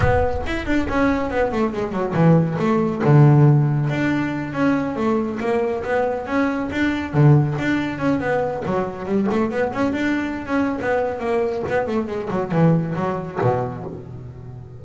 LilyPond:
\new Staff \with { instrumentName = "double bass" } { \time 4/4 \tempo 4 = 139 b4 e'8 d'8 cis'4 b8 a8 | gis8 fis8 e4 a4 d4~ | d4 d'4. cis'4 a8~ | a8 ais4 b4 cis'4 d'8~ |
d'8 d4 d'4 cis'8 b4 | fis4 g8 a8 b8 cis'8 d'4~ | d'16 cis'8. b4 ais4 b8 a8 | gis8 fis8 e4 fis4 b,4 | }